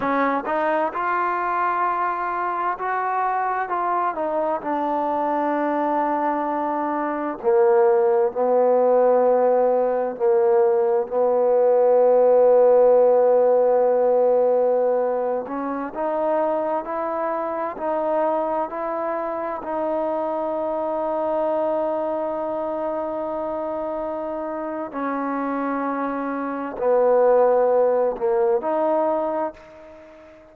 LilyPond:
\new Staff \with { instrumentName = "trombone" } { \time 4/4 \tempo 4 = 65 cis'8 dis'8 f'2 fis'4 | f'8 dis'8 d'2. | ais4 b2 ais4 | b1~ |
b8. cis'8 dis'4 e'4 dis'8.~ | dis'16 e'4 dis'2~ dis'8.~ | dis'2. cis'4~ | cis'4 b4. ais8 dis'4 | }